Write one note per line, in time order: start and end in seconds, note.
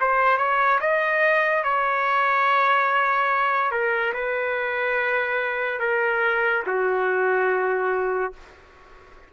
0.00 0.37 C5
0.37 0.79 C#5
0.80 1.63 D#5
1.63 3.71 C#5
3.71 4.12 A#4
4.13 5.79 B4
5.79 6.62 A#4
6.66 8.33 F#4